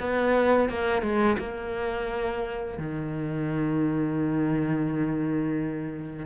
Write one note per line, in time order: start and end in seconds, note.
0.00 0.69 B3
0.69 1.02 A#3
1.02 1.37 G#3
1.38 2.77 A#3
2.77 6.25 D#3